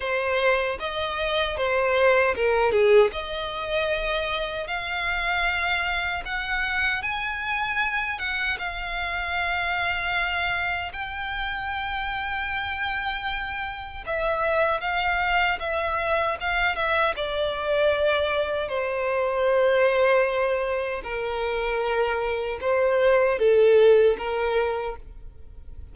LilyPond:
\new Staff \with { instrumentName = "violin" } { \time 4/4 \tempo 4 = 77 c''4 dis''4 c''4 ais'8 gis'8 | dis''2 f''2 | fis''4 gis''4. fis''8 f''4~ | f''2 g''2~ |
g''2 e''4 f''4 | e''4 f''8 e''8 d''2 | c''2. ais'4~ | ais'4 c''4 a'4 ais'4 | }